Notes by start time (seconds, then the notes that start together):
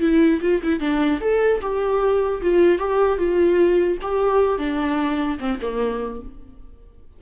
0.00 E4
0.41 F4
0.63 E4
0.80 D4
1.21 A4
1.61 G4
2.41 F4
2.78 G4
3.18 F4
4.01 G4
4.58 D4
5.39 C4
5.61 A#3